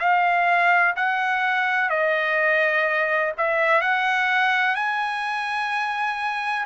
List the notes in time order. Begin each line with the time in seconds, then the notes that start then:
0.00 F5
0.97 F#5
1.90 D#5
3.38 E5
3.81 F#5
4.76 G#5